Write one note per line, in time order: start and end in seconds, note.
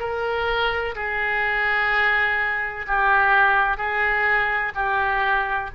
0.00 0.95 A#4
0.95 2.86 G#4
2.87 3.77 G4
3.77 4.72 G#4
4.75 5.70 G4